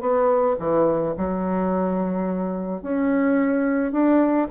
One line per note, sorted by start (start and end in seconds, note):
0.00 0.56 B3
0.59 1.14 E3
1.17 2.81 F#3
2.81 3.91 C#4
3.91 4.47 D4